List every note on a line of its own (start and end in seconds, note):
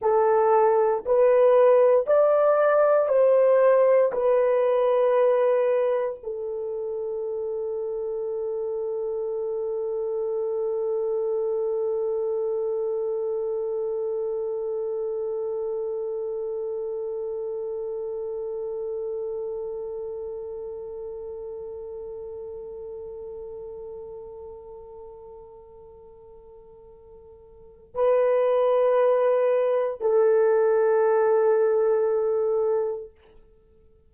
0.01 1.04 A4
1.05 2.06 B4
2.06 3.08 D5
3.08 4.11 C5
4.12 6.19 B4
6.23 27.94 A4
27.94 30.00 B4
30.00 33.11 A4